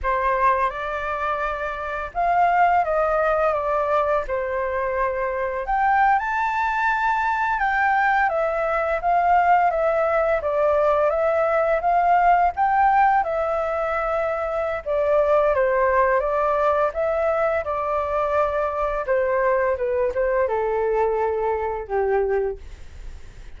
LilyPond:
\new Staff \with { instrumentName = "flute" } { \time 4/4 \tempo 4 = 85 c''4 d''2 f''4 | dis''4 d''4 c''2 | g''8. a''2 g''4 e''16~ | e''8. f''4 e''4 d''4 e''16~ |
e''8. f''4 g''4 e''4~ e''16~ | e''4 d''4 c''4 d''4 | e''4 d''2 c''4 | b'8 c''8 a'2 g'4 | }